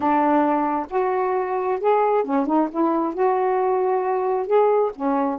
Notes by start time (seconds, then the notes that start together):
0.00 D4
0.90 F#4
1.80 G#4
2.24 C#4
2.46 D#4
2.71 E4
3.13 F#4
4.46 G#4
4.95 C#4